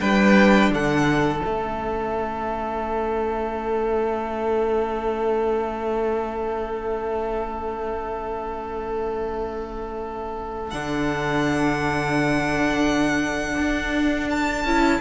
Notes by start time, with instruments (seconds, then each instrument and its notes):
0.00 cello G3, viola D4, violin B4 G5
0.70 cello D3, violin A4 F#5
1.43 cello A3, viola C#4, violin E5
10.71 cello D3, viola D4, violin F#5
13.58 cello D4
14.30 violin A5
14.64 cello C#4, viola E4